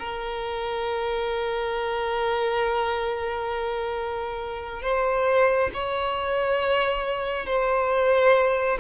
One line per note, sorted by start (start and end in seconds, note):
0.00 4.82 A#4
4.82 5.71 C5
5.74 7.46 C#5
7.46 8.79 C5